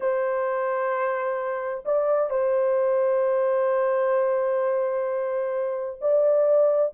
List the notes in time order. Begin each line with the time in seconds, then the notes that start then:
0.00 C5
1.85 D5
2.30 C5
6.01 D5